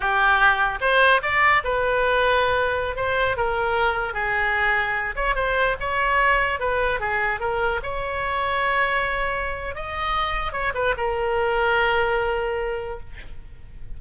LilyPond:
\new Staff \with { instrumentName = "oboe" } { \time 4/4 \tempo 4 = 148 g'2 c''4 d''4 | b'2.~ b'16 c''8.~ | c''16 ais'2 gis'4.~ gis'16~ | gis'8. cis''8 c''4 cis''4.~ cis''16~ |
cis''16 b'4 gis'4 ais'4 cis''8.~ | cis''1 | dis''2 cis''8 b'8 ais'4~ | ais'1 | }